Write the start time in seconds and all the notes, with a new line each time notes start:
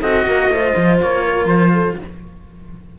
0.00 C4 F#4 A4 D#5
0.26 A#3 A#4
0.49 A3 F4 C5
0.76 F3
1.02 A#3 C#5
1.24 A#4
1.45 F3 C5
1.73 A4